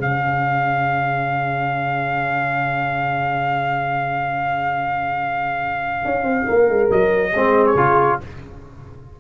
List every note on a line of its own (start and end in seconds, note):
0.00 6.04 C#3
0.00 7.34 C#4
0.00 6.46 G#4
0.00 6.92 F5
6.05 6.23 C#4
6.23 6.45 C4
6.46 6.69 A#3
6.46 7.32 A#4
6.69 6.91 G#3
6.92 7.34 F#3
6.92 7.66 D#5
7.33 7.75 G#3
7.33 7.77 C4
7.33 8.19 G#4
7.66 8.20 C#5
7.75 8.19 C#3
7.75 8.21 F4